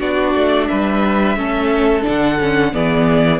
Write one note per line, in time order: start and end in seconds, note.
0.00 0.34 B3
0.00 1.37 D4
0.00 0.68 F#4
0.00 0.68 D5
0.35 0.69 A3
0.68 1.37 G3
0.68 1.38 B4
0.68 2.04 E5
1.37 2.05 A3
1.37 2.03 C#4
1.37 2.73 A4
2.03 2.75 D3
2.03 2.37 D4
2.03 2.75 F#5
2.41 2.73 C#4
2.73 3.40 E3
2.73 3.40 B3
2.73 3.40 G#4
2.73 3.40 D5